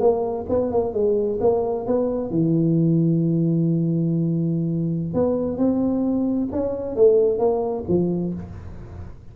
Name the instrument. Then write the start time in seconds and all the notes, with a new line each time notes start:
tuba
0.00 A#3
0.49 B3
0.72 A#3
0.94 G#3
1.41 A#3
1.87 B3
2.31 E3
5.14 B3
5.58 C4
6.52 C#4
6.96 A3
7.39 A#3
7.89 F3